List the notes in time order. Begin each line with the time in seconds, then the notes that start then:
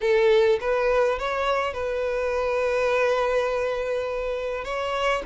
0.01 A4
0.60 B4
1.18 C#5
1.73 B4
4.64 C#5